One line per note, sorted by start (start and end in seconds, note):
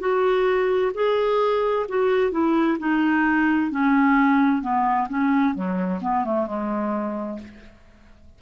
0.00 0.92 F#4
0.94 1.87 G#4
1.89 2.32 F#4
2.32 2.78 E4
2.79 3.71 D#4
3.71 4.62 C#4
4.62 5.09 B3
5.09 5.55 C#4
5.55 6.01 F#3
6.02 6.25 B3
6.25 6.47 A3
6.47 7.39 G#3